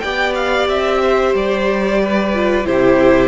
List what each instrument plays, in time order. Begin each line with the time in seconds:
0.00 cello B3, viola G4, violin D5 G5
0.35 violin F5
0.69 cello C4, violin E5
1.03 violin C5
1.34 cello G3, violin D5
2.02 violin B4
2.34 viola F4
2.65 cello C3, viola E4, violin G4 C5